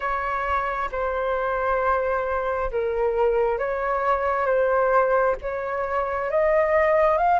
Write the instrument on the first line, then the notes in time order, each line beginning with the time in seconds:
flute
0.00 C#5
0.91 C5
2.71 A#4
3.58 C#5
4.45 C5
5.41 C#5
6.30 D#5
7.17 F5